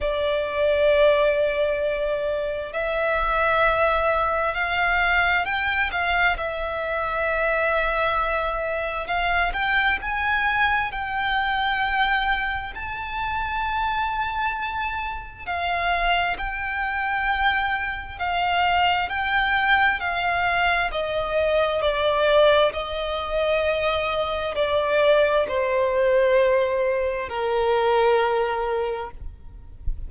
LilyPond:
\new Staff \with { instrumentName = "violin" } { \time 4/4 \tempo 4 = 66 d''2. e''4~ | e''4 f''4 g''8 f''8 e''4~ | e''2 f''8 g''8 gis''4 | g''2 a''2~ |
a''4 f''4 g''2 | f''4 g''4 f''4 dis''4 | d''4 dis''2 d''4 | c''2 ais'2 | }